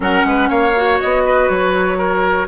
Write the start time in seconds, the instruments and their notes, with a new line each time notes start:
0.00 bassoon F#3, clarinet C#4, oboe A#4, flute F#5
0.24 bassoon G#3, oboe B4
0.48 bassoon A#3, oboe C#5, flute F5
0.75 clarinet F#4
1.00 bassoon B3, flute D#5
1.25 oboe B4
1.48 bassoon F#3, flute C#5
1.98 oboe A#4